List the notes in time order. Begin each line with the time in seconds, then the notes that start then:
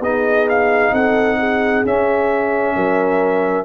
0.00 B3 D#4 G#4 D#5
0.49 F5
0.92 C4 A4 F#5
1.39 G#4
1.84 C#4 E5
2.75 F#3 A#4